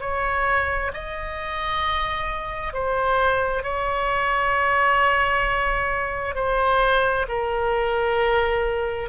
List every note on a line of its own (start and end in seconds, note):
0.00 0.91 C#5
0.93 2.73 D#5
2.73 3.63 C5
3.63 6.35 C#5
6.35 7.26 C5
7.28 9.09 A#4